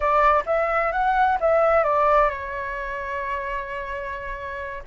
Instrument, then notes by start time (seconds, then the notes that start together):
flute
0.00 D5
0.46 E5
0.92 F#5
1.40 E5
1.83 D5
2.29 C#5